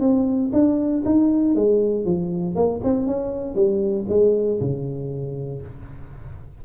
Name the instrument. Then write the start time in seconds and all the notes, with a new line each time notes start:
tuba
0.00 C4
0.53 D4
1.05 D#4
1.55 G#3
2.05 F3
2.55 A#3
2.84 C4
3.07 C#4
3.55 G3
4.09 G#3
4.60 C#3